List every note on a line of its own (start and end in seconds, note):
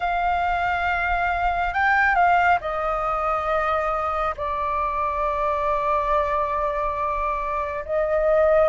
0.00 1.73 F5
1.73 2.15 G5
2.15 2.58 F5
2.60 4.34 D#5
4.37 7.85 D5
7.85 8.68 D#5